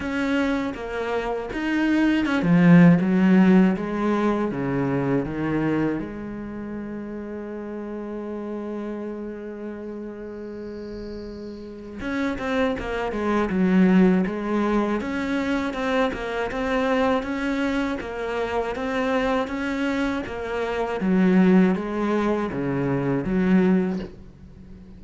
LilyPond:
\new Staff \with { instrumentName = "cello" } { \time 4/4 \tempo 4 = 80 cis'4 ais4 dis'4 cis'16 f8. | fis4 gis4 cis4 dis4 | gis1~ | gis1 |
cis'8 c'8 ais8 gis8 fis4 gis4 | cis'4 c'8 ais8 c'4 cis'4 | ais4 c'4 cis'4 ais4 | fis4 gis4 cis4 fis4 | }